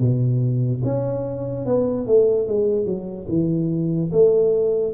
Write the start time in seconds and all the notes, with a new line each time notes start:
0.00 B2
0.84 C#4
1.66 B3
2.07 A3
2.48 G#3
2.86 F#3
3.29 E3
4.12 A3